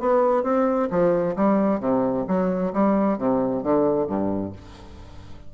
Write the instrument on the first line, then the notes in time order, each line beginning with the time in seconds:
bassoon
0.00 B3
0.43 C4
0.90 F3
1.36 G3
1.80 C3
2.28 F#3
2.74 G3
3.18 C3
3.63 D3
4.07 G2